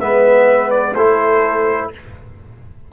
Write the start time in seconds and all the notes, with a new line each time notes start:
0.00 G#3 B3 B4 E5
0.71 D5
0.94 A3 E4 A4 C5